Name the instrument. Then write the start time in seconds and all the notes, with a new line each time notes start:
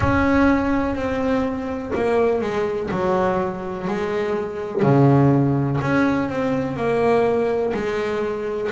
double bass
0.00 C#4
0.95 C4
1.94 A#3
2.41 G#3
2.90 F#3
3.87 G#3
4.82 C#3
5.81 C#4
6.29 C4
6.76 A#3
7.73 G#3